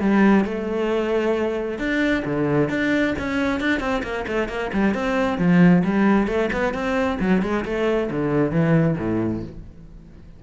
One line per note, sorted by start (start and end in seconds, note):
0.00 0.44 G3
0.44 1.78 A3
1.78 2.23 D4
2.25 2.69 D3
2.69 3.14 D4
3.19 3.60 C#4
3.60 3.80 D4
3.80 4.02 C4
4.03 4.25 A#3
4.27 4.49 A3
4.49 4.71 A#3
4.73 4.94 G3
4.94 5.38 C4
5.38 5.83 F3
5.84 6.27 G3
6.27 6.50 A3
6.53 6.74 B3
6.74 7.18 C4
7.20 7.42 F#3
7.42 7.64 G#3
7.65 8.10 A3
8.11 8.51 D3
8.51 8.96 E3
8.98 9.43 A2